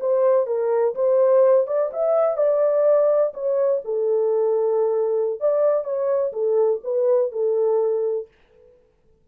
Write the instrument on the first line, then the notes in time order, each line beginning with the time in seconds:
horn
0.00 C5
0.46 A#4
0.95 C5
1.67 D5
1.93 E5
2.37 D5
3.34 C#5
3.84 A4
5.40 D5
5.84 C#5
6.33 A4
6.84 B4
7.32 A4